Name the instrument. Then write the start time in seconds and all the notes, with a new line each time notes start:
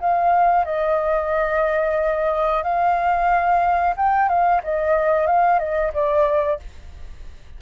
flute
0.00 F5
0.66 D#5
2.63 F5
3.97 G5
4.29 F5
4.64 D#5
5.27 F5
5.60 D#5
5.94 D5